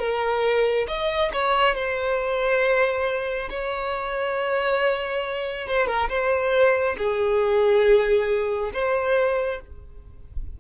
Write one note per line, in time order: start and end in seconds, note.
0.00 0.87 A#4
0.89 1.32 D#5
1.33 1.75 C#5
1.75 3.49 C5
3.50 5.68 C#5
5.68 5.87 C5
5.87 6.09 A#4
6.09 6.96 C5
6.98 8.72 G#4
8.74 9.61 C5